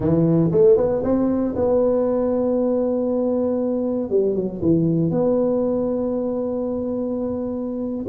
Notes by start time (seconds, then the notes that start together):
0.00 E3
0.51 A3
0.76 B3
1.03 C4
1.55 B3
4.09 G3
4.35 F#3
4.61 E3
5.10 B3